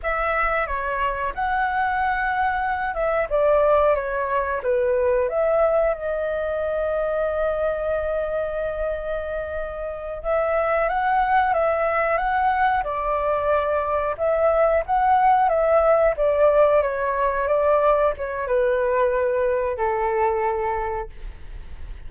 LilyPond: \new Staff \with { instrumentName = "flute" } { \time 4/4 \tempo 4 = 91 e''4 cis''4 fis''2~ | fis''8 e''8 d''4 cis''4 b'4 | e''4 dis''2.~ | dis''2.~ dis''8 e''8~ |
e''8 fis''4 e''4 fis''4 d''8~ | d''4. e''4 fis''4 e''8~ | e''8 d''4 cis''4 d''4 cis''8 | b'2 a'2 | }